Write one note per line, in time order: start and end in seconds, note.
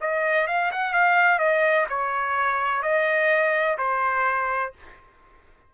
0.00 0.47 D#5
0.47 0.71 F5
0.71 0.93 F#5
0.93 1.39 F5
1.39 1.86 D#5
1.89 2.82 C#5
2.82 3.77 D#5
3.77 4.73 C5